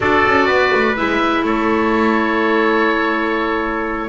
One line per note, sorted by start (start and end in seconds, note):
0.00 0.25 D4
0.00 0.95 F#4
0.00 0.46 A4
0.00 0.96 D5
0.27 0.47 C#4
0.46 0.71 B3
0.46 1.43 B4
0.74 0.98 A3
0.95 1.43 G#3
0.95 4.08 E4
0.95 1.44 E5
1.43 4.08 A3
1.43 4.08 A4
1.43 4.08 C#5